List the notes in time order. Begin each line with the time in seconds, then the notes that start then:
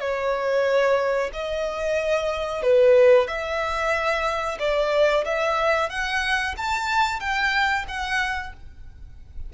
0.00 C#5
1.33 D#5
2.62 B4
3.28 E5
4.59 D5
5.25 E5
5.90 F#5
6.57 A5
7.20 G5
7.88 F#5